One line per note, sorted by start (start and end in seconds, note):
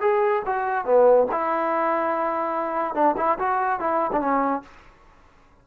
0.00 0.42 G#4
0.45 0.84 F#4
0.84 1.26 B3
1.31 2.94 E4
2.94 3.15 D4
3.17 3.38 E4
3.38 3.79 F#4
3.79 4.11 E4
4.12 4.20 D4
4.20 4.62 C#4